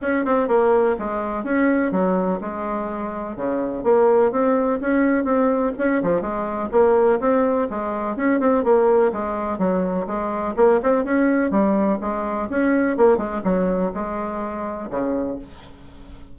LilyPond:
\new Staff \with { instrumentName = "bassoon" } { \time 4/4 \tempo 4 = 125 cis'8 c'8 ais4 gis4 cis'4 | fis4 gis2 cis4 | ais4 c'4 cis'4 c'4 | cis'8 f8 gis4 ais4 c'4 |
gis4 cis'8 c'8 ais4 gis4 | fis4 gis4 ais8 c'8 cis'4 | g4 gis4 cis'4 ais8 gis8 | fis4 gis2 cis4 | }